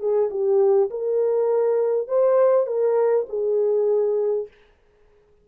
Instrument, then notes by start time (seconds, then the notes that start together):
horn
0.00 G#4
0.31 G4
0.90 A#4
2.08 C5
2.67 A#4
3.29 G#4